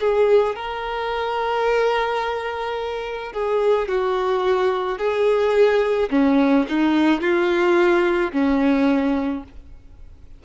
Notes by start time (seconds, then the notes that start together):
0.00 G#4
0.56 A#4
3.33 G#4
3.88 F#4
4.98 G#4
6.11 C#4
6.69 D#4
7.21 F4
8.32 C#4